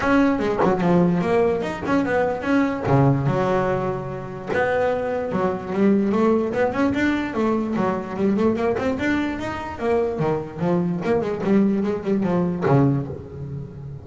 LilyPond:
\new Staff \with { instrumentName = "double bass" } { \time 4/4 \tempo 4 = 147 cis'4 gis8 fis8 f4 ais4 | dis'8 cis'8 b4 cis'4 cis4 | fis2. b4~ | b4 fis4 g4 a4 |
b8 cis'8 d'4 a4 fis4 | g8 a8 ais8 c'8 d'4 dis'4 | ais4 dis4 f4 ais8 gis8 | g4 gis8 g8 f4 cis4 | }